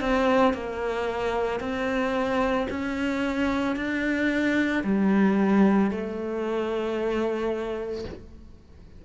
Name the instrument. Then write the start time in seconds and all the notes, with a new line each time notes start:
cello
0.00 C4
0.53 A#3
1.60 C4
2.69 C#4
3.76 D4
4.83 G3
5.90 A3